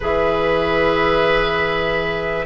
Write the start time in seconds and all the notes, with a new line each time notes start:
0.00 E3 G#4 B4 E5